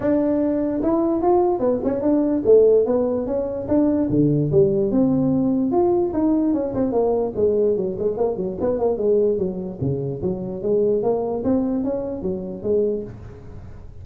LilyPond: \new Staff \with { instrumentName = "tuba" } { \time 4/4 \tempo 4 = 147 d'2 e'4 f'4 | b8 cis'8 d'4 a4 b4 | cis'4 d'4 d4 g4 | c'2 f'4 dis'4 |
cis'8 c'8 ais4 gis4 fis8 gis8 | ais8 fis8 b8 ais8 gis4 fis4 | cis4 fis4 gis4 ais4 | c'4 cis'4 fis4 gis4 | }